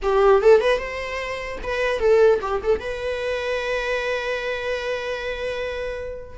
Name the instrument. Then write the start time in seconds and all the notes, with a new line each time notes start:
viola
0.02 G4
0.42 A4
0.60 B4
0.78 C5
1.63 B4
1.99 A4
2.41 G4
2.63 A4
2.80 B4